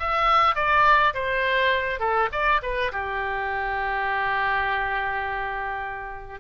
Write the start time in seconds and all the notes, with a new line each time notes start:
0.00 E5
0.56 D5
1.14 C5
2.00 A4
2.32 D5
2.63 B4
2.92 G4